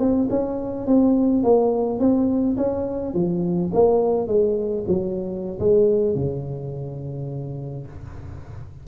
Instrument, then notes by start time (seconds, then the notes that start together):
tuba
0.00 C4
0.30 C#4
0.87 C4
1.44 A#3
2.00 C4
2.58 C#4
3.14 F3
3.74 A#3
4.28 G#3
4.88 F#3
5.60 G#3
6.16 C#3